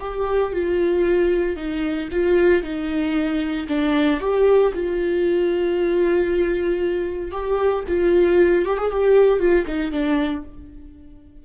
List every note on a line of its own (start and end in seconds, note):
0.00 0.52 G4
0.52 1.56 F4
1.56 2.08 D#4
2.11 2.63 F4
2.63 3.67 D#4
3.68 4.20 D4
4.20 4.72 G4
4.74 7.31 F4
7.31 7.83 G4
7.88 8.65 F4
8.65 8.77 G4
8.77 8.91 G#4
8.91 9.39 G4
9.39 9.65 F4
9.66 9.91 D#4
9.91 10.43 D4